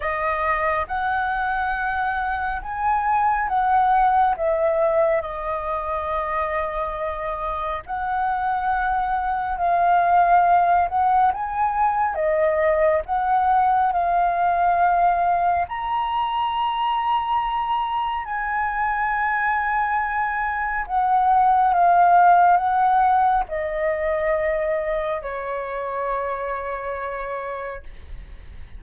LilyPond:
\new Staff \with { instrumentName = "flute" } { \time 4/4 \tempo 4 = 69 dis''4 fis''2 gis''4 | fis''4 e''4 dis''2~ | dis''4 fis''2 f''4~ | f''8 fis''8 gis''4 dis''4 fis''4 |
f''2 ais''2~ | ais''4 gis''2. | fis''4 f''4 fis''4 dis''4~ | dis''4 cis''2. | }